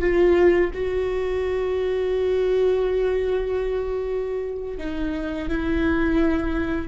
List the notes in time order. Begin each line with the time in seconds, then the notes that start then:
0.00 F4
0.74 F#4
4.78 D#4
5.48 E4